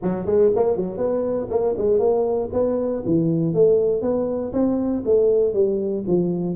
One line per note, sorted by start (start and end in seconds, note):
0.02 0.26 F#3
0.26 0.51 G#3
0.55 0.76 A#3
0.76 0.97 F#3
0.97 1.47 B3
1.49 1.75 A#3
1.77 1.99 G#3
1.99 2.49 A#3
2.52 3.03 B3
3.05 3.54 E3
3.54 4.01 A3
4.01 4.52 B3
4.52 5.03 C4
5.05 5.53 A3
5.53 6.04 G3
6.07 6.55 F3